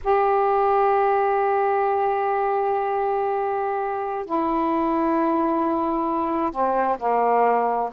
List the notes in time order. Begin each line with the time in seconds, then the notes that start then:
0.04 G4
4.25 E4
6.51 C4
6.98 A#3